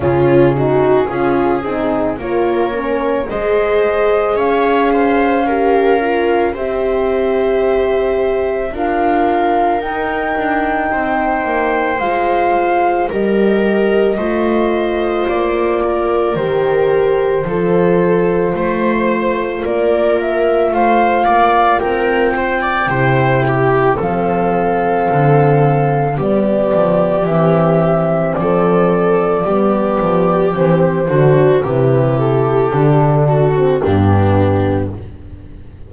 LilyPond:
<<
  \new Staff \with { instrumentName = "flute" } { \time 4/4 \tempo 4 = 55 gis'2 cis''4 dis''4 | f''2 e''2 | f''4 g''2 f''4 | dis''2 d''4 c''4~ |
c''2 d''8 e''8 f''4 | g''2 f''2 | d''4 e''4 d''2 | c''4 b'8 a'4. g'4 | }
  \new Staff \with { instrumentName = "viola" } { \time 4/4 f'8 fis'8 gis'4 ais'4 c''4 | cis''8 c''8 ais'4 c''2 | ais'2 c''2 | ais'4 c''4. ais'4. |
a'4 c''4 ais'4 c''8 d''8 | ais'8 c''16 d''16 c''8 g'8 a'2 | g'2 a'4 g'4~ | g'8 fis'8 g'4. fis'8 d'4 | }
  \new Staff \with { instrumentName = "horn" } { \time 4/4 cis'8 dis'8 f'8 dis'8 f'8 cis'8 gis'4~ | gis'4 g'8 f'8 g'2 | f'4 dis'2 f'4 | g'4 f'2 g'4 |
f'1~ | f'4 e'4 c'2 | b4 c'2 b4 | c'8 d'8 e'4 d'8. c'16 b4 | }
  \new Staff \with { instrumentName = "double bass" } { \time 4/4 cis4 cis'8 c'8 ais4 gis4 | cis'2 c'2 | d'4 dis'8 d'8 c'8 ais8 gis4 | g4 a4 ais4 dis4 |
f4 a4 ais4 a8 ais8 | c'4 c4 f4 d4 | g8 f8 e4 f4 g8 f8 | e8 d8 c4 d4 g,4 | }
>>